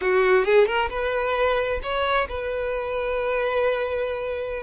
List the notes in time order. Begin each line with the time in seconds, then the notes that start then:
0.01 F#4
0.44 G#4
0.66 A#4
0.89 B4
1.82 C#5
2.28 B4